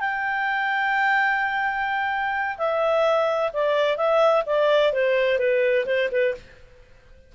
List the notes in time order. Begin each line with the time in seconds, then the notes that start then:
0.00 G5
2.58 E5
3.53 D5
3.97 E5
4.46 D5
4.93 C5
5.39 B4
5.86 C5
6.12 B4